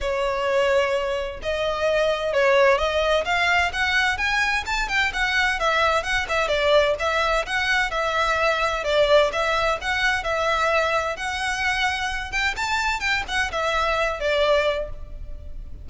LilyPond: \new Staff \with { instrumentName = "violin" } { \time 4/4 \tempo 4 = 129 cis''2. dis''4~ | dis''4 cis''4 dis''4 f''4 | fis''4 gis''4 a''8 g''8 fis''4 | e''4 fis''8 e''8 d''4 e''4 |
fis''4 e''2 d''4 | e''4 fis''4 e''2 | fis''2~ fis''8 g''8 a''4 | g''8 fis''8 e''4. d''4. | }